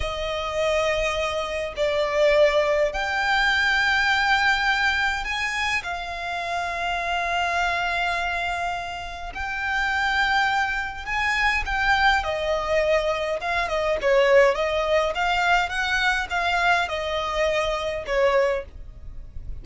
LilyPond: \new Staff \with { instrumentName = "violin" } { \time 4/4 \tempo 4 = 103 dis''2. d''4~ | d''4 g''2.~ | g''4 gis''4 f''2~ | f''1 |
g''2. gis''4 | g''4 dis''2 f''8 dis''8 | cis''4 dis''4 f''4 fis''4 | f''4 dis''2 cis''4 | }